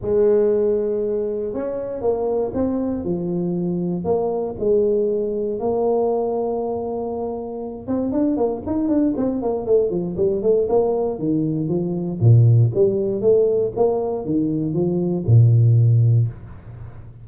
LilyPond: \new Staff \with { instrumentName = "tuba" } { \time 4/4 \tempo 4 = 118 gis2. cis'4 | ais4 c'4 f2 | ais4 gis2 ais4~ | ais2.~ ais8 c'8 |
d'8 ais8 dis'8 d'8 c'8 ais8 a8 f8 | g8 a8 ais4 dis4 f4 | ais,4 g4 a4 ais4 | dis4 f4 ais,2 | }